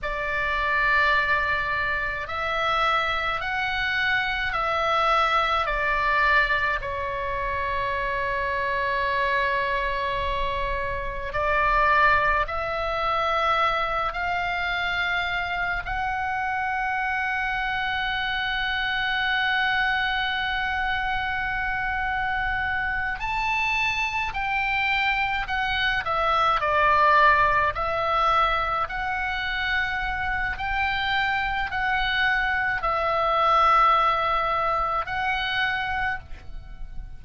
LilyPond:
\new Staff \with { instrumentName = "oboe" } { \time 4/4 \tempo 4 = 53 d''2 e''4 fis''4 | e''4 d''4 cis''2~ | cis''2 d''4 e''4~ | e''8 f''4. fis''2~ |
fis''1~ | fis''8 a''4 g''4 fis''8 e''8 d''8~ | d''8 e''4 fis''4. g''4 | fis''4 e''2 fis''4 | }